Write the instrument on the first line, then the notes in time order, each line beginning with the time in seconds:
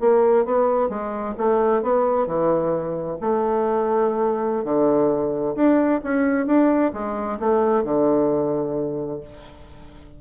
bassoon
0.00 A#3
0.45 B3
0.89 G#3
1.38 A3
1.83 B3
2.27 E3
3.21 A3
4.64 D3
5.56 D4
6.04 C#4
6.46 D4
6.94 G#3
7.40 A3
7.84 D3